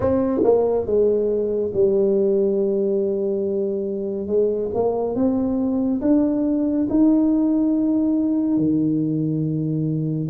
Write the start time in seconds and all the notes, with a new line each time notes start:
0.00 C4
0.43 A#3
0.86 G#3
1.73 G3
4.26 G#3
4.74 A#3
5.15 C4
6.01 D4
6.89 D#4
8.57 D#3